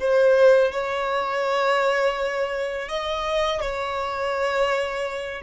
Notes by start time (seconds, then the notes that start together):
0.00 C5
0.72 C#5
2.89 D#5
3.61 C#5